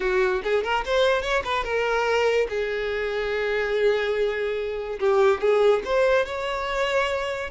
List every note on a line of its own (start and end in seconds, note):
0.00 0.42 F#4
0.43 0.63 G#4
0.63 0.84 A#4
0.85 1.22 C5
1.22 1.43 C#5
1.44 1.63 B4
1.63 2.47 A#4
2.49 4.99 G#4
4.99 5.40 G4
5.40 5.82 G#4
5.84 6.25 C5
6.25 7.50 C#5